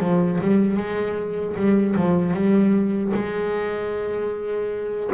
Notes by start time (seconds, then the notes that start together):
0.00 F3
0.41 G3
0.77 G#3
1.56 G3
1.96 F3
2.34 G3
3.14 G#3